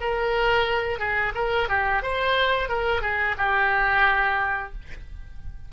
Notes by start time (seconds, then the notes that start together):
0.00 A#4
0.99 G#4
1.35 A#4
1.69 G4
2.02 C5
2.69 A#4
3.02 G#4
3.37 G4